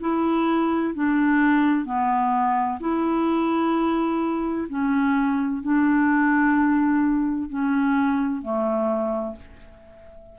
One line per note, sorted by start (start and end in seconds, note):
0.00 0.94 E4
0.94 1.85 D4
1.85 2.79 B3
2.80 4.67 E4
4.69 5.62 C#4
5.62 7.49 D4
7.49 8.42 C#4
8.42 9.35 A3